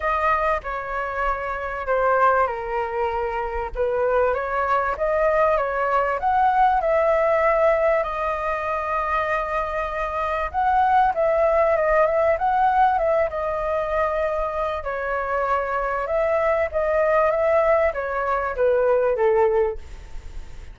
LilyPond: \new Staff \with { instrumentName = "flute" } { \time 4/4 \tempo 4 = 97 dis''4 cis''2 c''4 | ais'2 b'4 cis''4 | dis''4 cis''4 fis''4 e''4~ | e''4 dis''2.~ |
dis''4 fis''4 e''4 dis''8 e''8 | fis''4 e''8 dis''2~ dis''8 | cis''2 e''4 dis''4 | e''4 cis''4 b'4 a'4 | }